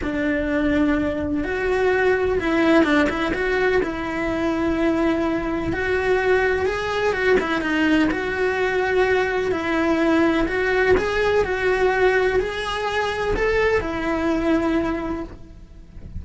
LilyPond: \new Staff \with { instrumentName = "cello" } { \time 4/4 \tempo 4 = 126 d'2. fis'4~ | fis'4 e'4 d'8 e'8 fis'4 | e'1 | fis'2 gis'4 fis'8 e'8 |
dis'4 fis'2. | e'2 fis'4 gis'4 | fis'2 gis'2 | a'4 e'2. | }